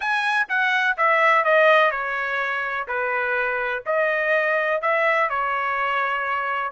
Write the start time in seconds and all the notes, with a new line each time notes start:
0.00 G#5
0.48 F#5
0.97 E5
1.44 D#5
1.91 C#5
2.87 B4
3.85 D#5
4.81 E5
5.29 C#5